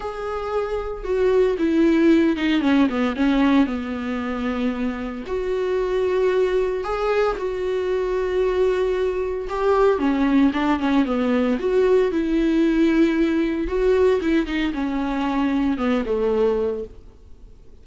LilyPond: \new Staff \with { instrumentName = "viola" } { \time 4/4 \tempo 4 = 114 gis'2 fis'4 e'4~ | e'8 dis'8 cis'8 b8 cis'4 b4~ | b2 fis'2~ | fis'4 gis'4 fis'2~ |
fis'2 g'4 cis'4 | d'8 cis'8 b4 fis'4 e'4~ | e'2 fis'4 e'8 dis'8 | cis'2 b8 a4. | }